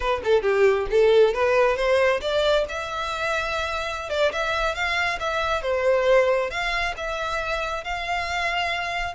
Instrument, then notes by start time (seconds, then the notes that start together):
violin
0.00 B4
0.24 A4
0.42 G4
0.90 A4
1.34 B4
1.76 C5
2.21 D5
2.68 E5
4.09 D5
4.32 E5
4.74 F5
5.19 E5
5.62 C5
6.50 F5
6.96 E5
7.83 F5